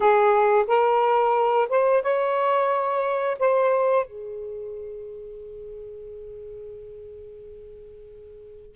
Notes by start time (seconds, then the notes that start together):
0.00 G#4
0.67 A#4
1.69 C5
2.02 C#5
3.39 C5
4.06 G#4